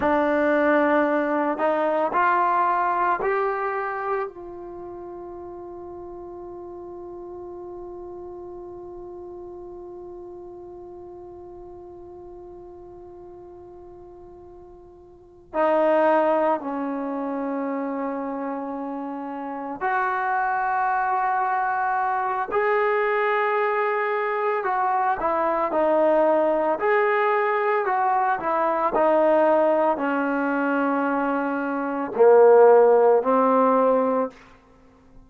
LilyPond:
\new Staff \with { instrumentName = "trombone" } { \time 4/4 \tempo 4 = 56 d'4. dis'8 f'4 g'4 | f'1~ | f'1~ | f'2~ f'8 dis'4 cis'8~ |
cis'2~ cis'8 fis'4.~ | fis'4 gis'2 fis'8 e'8 | dis'4 gis'4 fis'8 e'8 dis'4 | cis'2 ais4 c'4 | }